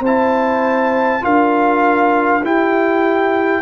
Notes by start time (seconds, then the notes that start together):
0.00 C4 C5 A5
0.06 E4
1.21 D4 F4 A#4 F5
2.44 E4 G4 G5